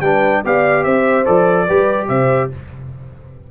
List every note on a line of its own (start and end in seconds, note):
0.00 0.41 G3
0.00 0.44 D4
0.00 0.43 B4
0.00 0.42 G5
0.44 0.85 B3
0.44 1.25 G4
0.44 0.84 D5
0.44 0.83 F5
0.83 1.26 C4
0.83 1.66 C5
0.83 1.24 E5
1.25 1.69 F3
1.25 1.66 A4
1.25 2.08 D5
1.66 2.09 G3
1.66 2.51 G4
1.66 2.07 B4
2.08 2.50 C3
2.08 2.50 C5
2.08 2.49 E5